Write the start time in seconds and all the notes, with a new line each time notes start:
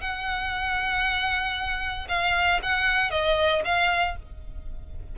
0.00 F#5
2.08 F5
2.62 F#5
3.10 D#5
3.64 F5